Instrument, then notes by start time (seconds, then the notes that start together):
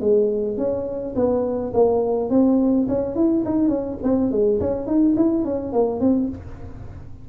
tuba
0.00 G#3
0.57 C#4
1.15 B3
1.73 A#3
2.30 C4
2.88 C#4
3.15 E4
3.45 D#4
3.69 C#4
4.03 C4
4.31 G#3
4.60 C#4
4.86 D#4
5.16 E4
5.44 C#4
5.72 A#3
6.00 C4